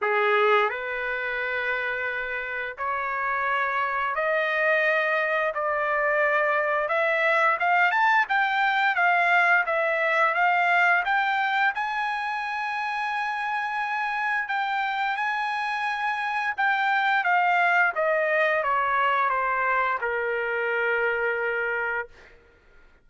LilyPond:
\new Staff \with { instrumentName = "trumpet" } { \time 4/4 \tempo 4 = 87 gis'4 b'2. | cis''2 dis''2 | d''2 e''4 f''8 a''8 | g''4 f''4 e''4 f''4 |
g''4 gis''2.~ | gis''4 g''4 gis''2 | g''4 f''4 dis''4 cis''4 | c''4 ais'2. | }